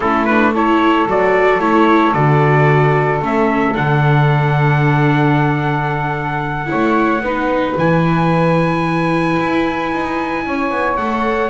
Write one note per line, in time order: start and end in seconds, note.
0.00 1.06 A3
0.00 0.28 C#4
0.00 0.52 E4
0.00 0.25 A4
0.25 0.54 D4
0.25 0.51 B4
0.52 1.08 E4
0.52 6.68 A4
0.52 1.09 C#5
1.06 1.59 F#3
1.06 1.60 F#4
1.06 1.60 D5
1.59 2.12 A3
1.59 2.14 E4
1.59 2.13 C#5
2.13 3.20 D3
2.13 3.21 F#4
2.13 3.20 D5
3.21 3.75 A3
3.21 3.74 C#4
3.21 3.76 E5
3.74 6.70 D3
3.74 6.66 D4
3.74 7.78 F#5
6.66 7.19 E4
6.66 7.23 C#5
6.73 7.21 A3
7.21 7.74 B3
7.21 7.78 D#4
7.21 10.44 B4
7.76 9.37 E3
7.76 10.98 E4
7.76 10.96 G#5
9.39 9.92 E4
9.92 10.46 D#4
10.46 10.69 C#4
10.46 11.50 C#5
10.69 10.96 B3
10.96 11.50 A3
10.96 11.50 A4
10.96 11.50 F#5